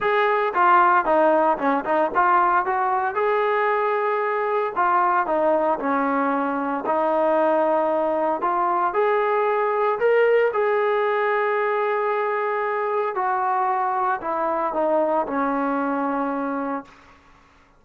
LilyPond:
\new Staff \with { instrumentName = "trombone" } { \time 4/4 \tempo 4 = 114 gis'4 f'4 dis'4 cis'8 dis'8 | f'4 fis'4 gis'2~ | gis'4 f'4 dis'4 cis'4~ | cis'4 dis'2. |
f'4 gis'2 ais'4 | gis'1~ | gis'4 fis'2 e'4 | dis'4 cis'2. | }